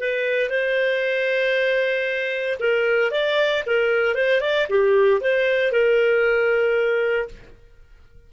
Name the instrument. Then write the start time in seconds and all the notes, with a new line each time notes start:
clarinet
0.00 B4
0.50 C5
2.60 A#4
3.12 D5
3.67 A#4
4.15 C5
4.41 D5
4.70 G4
5.22 C5
5.72 A#4